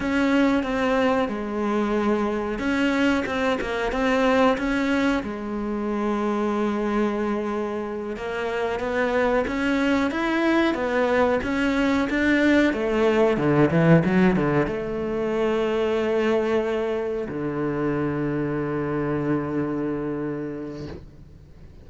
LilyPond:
\new Staff \with { instrumentName = "cello" } { \time 4/4 \tempo 4 = 92 cis'4 c'4 gis2 | cis'4 c'8 ais8 c'4 cis'4 | gis1~ | gis8 ais4 b4 cis'4 e'8~ |
e'8 b4 cis'4 d'4 a8~ | a8 d8 e8 fis8 d8 a4.~ | a2~ a8 d4.~ | d1 | }